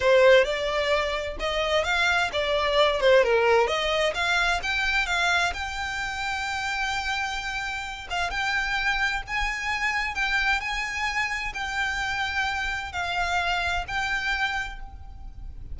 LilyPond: \new Staff \with { instrumentName = "violin" } { \time 4/4 \tempo 4 = 130 c''4 d''2 dis''4 | f''4 d''4. c''8 ais'4 | dis''4 f''4 g''4 f''4 | g''1~ |
g''4. f''8 g''2 | gis''2 g''4 gis''4~ | gis''4 g''2. | f''2 g''2 | }